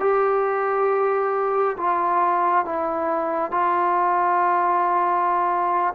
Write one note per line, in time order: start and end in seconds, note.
0.00 1.76 G4
1.77 2.66 F4
2.66 3.51 E4
3.51 5.94 F4